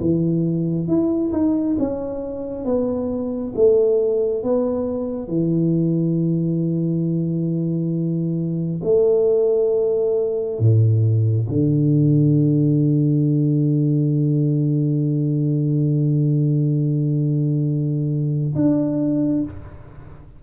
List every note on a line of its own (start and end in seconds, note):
0.00 0.87 E3
0.87 1.32 E4
1.32 1.76 D#4
1.79 2.65 C#4
2.65 3.53 B3
3.55 4.43 A3
4.43 5.28 B3
5.28 8.81 E3
8.83 10.59 A3
10.59 11.47 A2
11.49 18.55 D3
18.55 19.43 D4